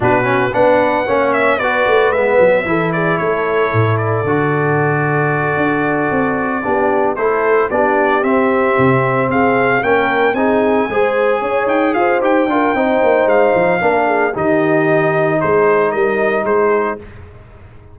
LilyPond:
<<
  \new Staff \with { instrumentName = "trumpet" } { \time 4/4 \tempo 4 = 113 b'4 fis''4. e''8 d''4 | e''4. d''8 cis''4. d''8~ | d''1~ | d''4. c''4 d''4 e''8~ |
e''4. f''4 g''4 gis''8~ | gis''2 g''8 f''8 g''4~ | g''4 f''2 dis''4~ | dis''4 c''4 dis''4 c''4 | }
  \new Staff \with { instrumentName = "horn" } { \time 4/4 fis'4 b'4 cis''4 b'4~ | b'4 a'8 gis'8 a'2~ | a'1~ | a'8 g'4 a'4 g'4.~ |
g'4. gis'4 ais'4 gis'8~ | gis'8 c''4 cis''4 c''4 ais'8 | c''2 ais'8 gis'8 g'4~ | g'4 gis'4 ais'4 gis'4 | }
  \new Staff \with { instrumentName = "trombone" } { \time 4/4 d'8 cis'8 d'4 cis'4 fis'4 | b4 e'2. | fis'1~ | fis'8 d'4 e'4 d'4 c'8~ |
c'2~ c'8 cis'4 dis'8~ | dis'8 gis'2~ gis'8 g'8 f'8 | dis'2 d'4 dis'4~ | dis'1 | }
  \new Staff \with { instrumentName = "tuba" } { \time 4/4 b,4 b4 ais4 b8 a8 | gis8 fis8 e4 a4 a,4 | d2~ d8 d'4 c'8~ | c'8 b4 a4 b4 c'8~ |
c'8 c4 c'4 ais4 c'8~ | c'8 gis4 cis'8 dis'8 f'8 dis'8 d'8 | c'8 ais8 gis8 f8 ais4 dis4~ | dis4 gis4 g4 gis4 | }
>>